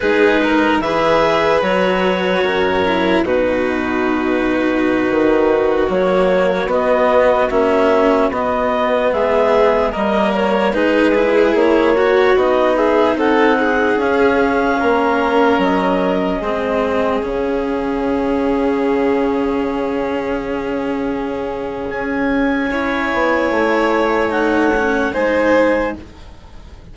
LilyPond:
<<
  \new Staff \with { instrumentName = "clarinet" } { \time 4/4 \tempo 4 = 74 b'4 e''4 cis''2 | b'2.~ b'16 cis''8.~ | cis''16 dis''4 e''4 dis''4 e''8.~ | e''16 dis''8 cis''8 b'4 cis''4 dis''8 e''16~ |
e''16 fis''4 f''2 dis''8.~ | dis''4~ dis''16 f''2~ f''8.~ | f''2. gis''4~ | gis''2 fis''4 gis''4 | }
  \new Staff \with { instrumentName = "violin" } { \time 4/4 gis'8 ais'8 b'2 ais'4 | fis'1~ | fis'2.~ fis'16 gis'8.~ | gis'16 ais'4 gis'4. fis'4 gis'16~ |
gis'16 a'8 gis'4. ais'4.~ ais'16~ | ais'16 gis'2.~ gis'8.~ | gis'1 | cis''2. c''4 | }
  \new Staff \with { instrumentName = "cello" } { \time 4/4 dis'4 gis'4 fis'4. e'8 | dis'2.~ dis'16 ais8.~ | ais16 b4 cis'4 b4.~ b16~ | b16 ais4 dis'8 e'4 fis'8 dis'8.~ |
dis'4~ dis'16 cis'2~ cis'8.~ | cis'16 c'4 cis'2~ cis'8.~ | cis'1 | e'2 dis'8 cis'8 dis'4 | }
  \new Staff \with { instrumentName = "bassoon" } { \time 4/4 gis4 e4 fis4 fis,4 | b,2~ b,16 dis4 fis8.~ | fis16 b4 ais4 b4 gis8.~ | gis16 g4 gis4 ais4 b8.~ |
b16 c'4 cis'4 ais4 fis8.~ | fis16 gis4 cis2~ cis8.~ | cis2. cis'4~ | cis'8 b8 a2 gis4 | }
>>